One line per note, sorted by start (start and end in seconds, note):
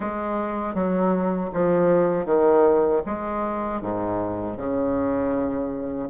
0.00 0.74 G#3
0.74 1.50 F#3
1.53 2.25 F3
2.25 3.01 D#3
3.06 3.81 G#3
3.81 4.57 G#2
4.57 6.09 C#3